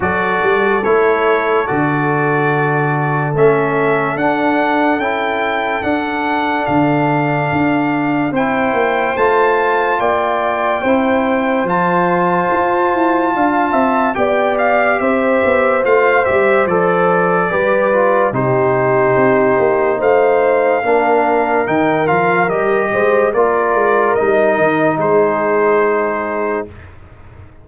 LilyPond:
<<
  \new Staff \with { instrumentName = "trumpet" } { \time 4/4 \tempo 4 = 72 d''4 cis''4 d''2 | e''4 fis''4 g''4 fis''4 | f''2 g''4 a''4 | g''2 a''2~ |
a''4 g''8 f''8 e''4 f''8 e''8 | d''2 c''2 | f''2 g''8 f''8 dis''4 | d''4 dis''4 c''2 | }
  \new Staff \with { instrumentName = "horn" } { \time 4/4 a'1~ | a'1~ | a'2 c''2 | d''4 c''2. |
f''8 e''8 d''4 c''2~ | c''4 b'4 g'2 | c''4 ais'2~ ais'8 c''8 | ais'2 gis'2 | }
  \new Staff \with { instrumentName = "trombone" } { \time 4/4 fis'4 e'4 fis'2 | cis'4 d'4 e'4 d'4~ | d'2 e'4 f'4~ | f'4 e'4 f'2~ |
f'4 g'2 f'8 g'8 | a'4 g'8 f'8 dis'2~ | dis'4 d'4 dis'8 f'8 g'4 | f'4 dis'2. | }
  \new Staff \with { instrumentName = "tuba" } { \time 4/4 fis8 g8 a4 d2 | a4 d'4 cis'4 d'4 | d4 d'4 c'8 ais8 a4 | ais4 c'4 f4 f'8 e'8 |
d'8 c'8 b4 c'8 b8 a8 g8 | f4 g4 c4 c'8 ais8 | a4 ais4 dis8 f8 g8 gis8 | ais8 gis8 g8 dis8 gis2 | }
>>